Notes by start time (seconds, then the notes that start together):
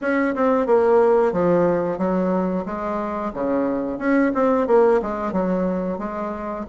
0.01 C#4
0.35 C4
0.66 A#3
1.32 F3
1.98 F#3
2.65 G#3
3.33 C#3
3.98 C#4
4.34 C4
4.67 A#3
5.02 G#3
5.32 F#3
5.98 G#3